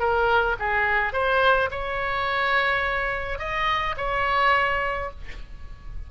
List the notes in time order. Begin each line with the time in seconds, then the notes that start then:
0.00 A#4
0.60 G#4
1.13 C5
1.71 C#5
3.39 D#5
3.98 C#5